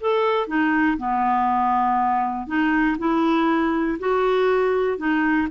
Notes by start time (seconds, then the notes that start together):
0.00 A4
0.47 D#4
0.97 B3
2.46 D#4
2.98 E4
3.99 F#4
4.97 D#4